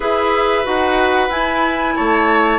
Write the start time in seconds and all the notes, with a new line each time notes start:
0.00 E4 G#4 B4 E5
0.64 D#4 F#4 F#5
1.28 E4 G#5
1.95 A3 C#5 A5